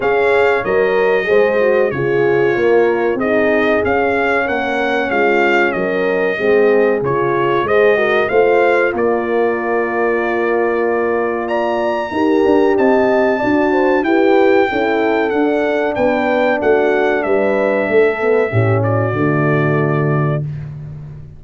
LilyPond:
<<
  \new Staff \with { instrumentName = "trumpet" } { \time 4/4 \tempo 4 = 94 f''4 dis''2 cis''4~ | cis''4 dis''4 f''4 fis''4 | f''4 dis''2 cis''4 | dis''4 f''4 d''2~ |
d''2 ais''2 | a''2 g''2 | fis''4 g''4 fis''4 e''4~ | e''4. d''2~ d''8 | }
  \new Staff \with { instrumentName = "horn" } { \time 4/4 cis''2 c''4 gis'4 | ais'4 gis'2 ais'4 | f'4 ais'4 gis'2 | c''8 ais'8 c''4 ais'2~ |
ais'2 d''4 ais'4 | dis''4 d''8 c''8 b'4 a'4~ | a'4 b'4 fis'4 b'4 | a'4 g'8 fis'2~ fis'8 | }
  \new Staff \with { instrumentName = "horn" } { \time 4/4 gis'4 ais'4 gis'8 fis'8 f'4~ | f'4 dis'4 cis'2~ | cis'2 c'4 f'4 | gis'8 fis'8 f'2.~ |
f'2. g'4~ | g'4 fis'4 g'4 e'4 | d'1~ | d'8 b8 cis'4 a2 | }
  \new Staff \with { instrumentName = "tuba" } { \time 4/4 cis'4 fis4 gis4 cis4 | ais4 c'4 cis'4 ais4 | gis4 fis4 gis4 cis4 | gis4 a4 ais2~ |
ais2. dis'8 d'8 | c'4 d'4 e'4 cis'4 | d'4 b4 a4 g4 | a4 a,4 d2 | }
>>